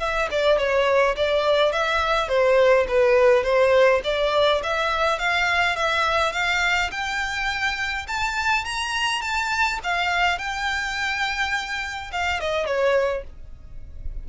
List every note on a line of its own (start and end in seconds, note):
0.00 0.29 E5
0.31 0.58 D5
0.58 1.16 C#5
1.17 1.73 D5
1.73 2.29 E5
2.29 2.87 C5
2.88 3.44 B4
3.44 4.02 C5
4.04 4.62 D5
4.64 5.19 E5
5.19 5.76 F5
5.76 6.33 E5
6.33 6.91 F5
6.92 8.07 G5
8.08 8.65 A5
8.65 9.22 A#5
9.22 9.79 A5
9.84 10.38 F5
10.38 12.12 G5
12.12 12.41 F5
12.41 12.66 D#5
12.66 13.24 C#5